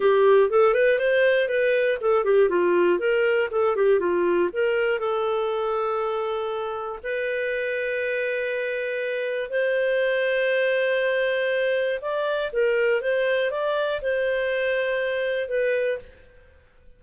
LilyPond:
\new Staff \with { instrumentName = "clarinet" } { \time 4/4 \tempo 4 = 120 g'4 a'8 b'8 c''4 b'4 | a'8 g'8 f'4 ais'4 a'8 g'8 | f'4 ais'4 a'2~ | a'2 b'2~ |
b'2. c''4~ | c''1 | d''4 ais'4 c''4 d''4 | c''2. b'4 | }